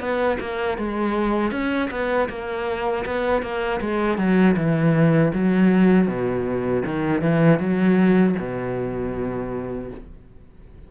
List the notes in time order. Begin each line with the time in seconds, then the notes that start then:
0.00 B3
0.40 A#3
0.78 G#3
1.52 C#4
1.91 B3
2.29 A#3
3.05 B3
3.42 A#3
3.80 G#3
4.18 F#3
4.56 E3
5.34 F#3
6.07 B2
6.86 D#3
7.22 E3
7.59 F#3
8.39 B2